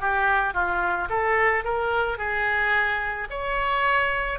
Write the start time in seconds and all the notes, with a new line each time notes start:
0.00 G4
0.53 F4
1.09 A4
1.64 A#4
2.17 G#4
3.30 C#5